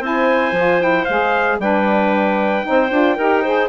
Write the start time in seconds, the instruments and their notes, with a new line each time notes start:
0.00 bassoon C4, saxophone E4, clarinet C5, trumpet G#5
0.52 bassoon F3, saxophone F4
0.80 saxophone E4, trumpet G5
1.05 bassoon G#3, saxophone G#4, trumpet F5
1.59 bassoon G3, saxophone D4, clarinet B4, trumpet G5
2.63 bassoon C4, saxophone D#4, clarinet C5
2.91 bassoon D4, saxophone F4
3.16 bassoon D#4, saxophone G4, clarinet A#4
3.42 saxophone G#4, clarinet C5